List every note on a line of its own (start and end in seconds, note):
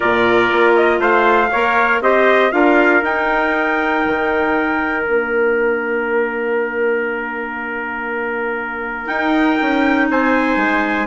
0.00 0.51 A#2
0.00 1.47 F4
0.00 0.99 A#4
0.00 0.74 D5
0.51 0.99 A#3
0.75 1.01 D#5
0.99 1.49 A3
0.99 1.50 C5
0.99 2.02 F5
1.51 2.00 A#3
1.51 2.02 A#4
1.51 2.01 C#5
2.00 2.51 C4
2.00 2.51 G4
2.00 2.53 C5
2.00 2.52 D#5
2.51 3.02 D4
2.51 3.01 F4
2.51 10.10 A#4
2.51 3.02 F5
3.02 4.03 D#4
3.02 5.03 D#4
3.02 5.05 G5
4.06 5.06 D#3
5.03 9.08 A#3
5.03 9.06 D4
5.03 9.06 F5
9.06 11.06 D#4
9.06 9.58 D#4
9.06 10.07 G5
9.61 10.10 C#4
10.10 10.56 C4
10.10 11.06 C5
10.10 11.06 G#5
10.56 11.06 G#3